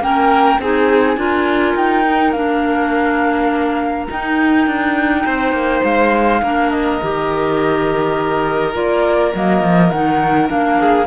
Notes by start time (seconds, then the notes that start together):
0.00 A#3 C#4 A#4 G5
0.59 C4 D#4 G#4 G#5
1.16 D4 F4 A#4
1.75 D#4 G5
2.06 D#4
2.32 A#3 D4 F5
4.10 D#4 G5
4.66 D4
5.25 C4 C5
5.52 A#3
5.84 G#3 F5
6.42 A#3 D4 A#4
6.70 D#5
7.02 D#3 G4
8.73 A#3 F4 D5
9.34 F#3 A#3 D#5
9.62 F3
9.90 D#3 D#4 F#5
10.47 A#3 D4 F5
10.80 G#4